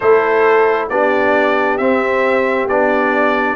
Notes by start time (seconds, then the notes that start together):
0.00 A3 E4 A4 C5
0.89 B3 D4 G4 D5
1.77 C4 E5
2.68 B3 D4 D5